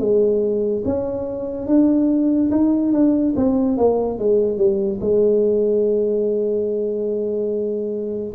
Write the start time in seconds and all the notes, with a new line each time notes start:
0.00 G#3
0.86 C#4
1.67 D4
2.52 D#4
2.93 D4
3.37 C4
3.78 A#3
4.19 G#3
4.58 G3
5.01 G#3